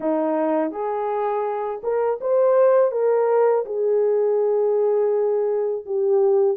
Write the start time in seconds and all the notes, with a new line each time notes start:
0.00 D#4
0.71 G#4
1.83 A#4
2.21 C5
2.91 A#4
3.65 G#4
5.85 G4